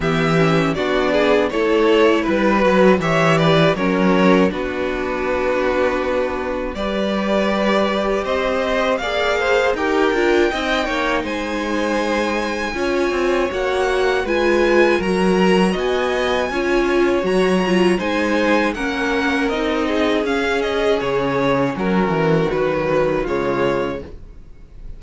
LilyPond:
<<
  \new Staff \with { instrumentName = "violin" } { \time 4/4 \tempo 4 = 80 e''4 d''4 cis''4 b'4 | e''8 d''8 cis''4 b'2~ | b'4 d''2 dis''4 | f''4 g''2 gis''4~ |
gis''2 fis''4 gis''4 | ais''4 gis''2 ais''4 | gis''4 fis''4 dis''4 f''8 dis''8 | cis''4 ais'4 b'4 cis''4 | }
  \new Staff \with { instrumentName = "violin" } { \time 4/4 g'4 fis'8 gis'8 a'4 b'4 | cis''8 b'8 ais'4 fis'2~ | fis'4 b'2 c''4 | d''8 c''8 ais'4 dis''8 cis''8 c''4~ |
c''4 cis''2 b'4 | ais'4 dis''4 cis''2 | c''4 ais'4. gis'4.~ | gis'4 fis'2 f'4 | }
  \new Staff \with { instrumentName = "viola" } { \time 4/4 b8 cis'8 d'4 e'4. fis'8 | g'4 cis'4 d'2~ | d'4 g'2. | gis'4 g'8 f'8 dis'2~ |
dis'4 f'4 fis'4 f'4 | fis'2 f'4 fis'8 f'8 | dis'4 cis'4 dis'4 cis'4~ | cis'2 fis4 gis4 | }
  \new Staff \with { instrumentName = "cello" } { \time 4/4 e4 b4 a4 g8 fis8 | e4 fis4 b2~ | b4 g2 c'4 | ais4 dis'8 d'8 c'8 ais8 gis4~ |
gis4 cis'8 c'8 ais4 gis4 | fis4 b4 cis'4 fis4 | gis4 ais4 c'4 cis'4 | cis4 fis8 e8 dis4 cis4 | }
>>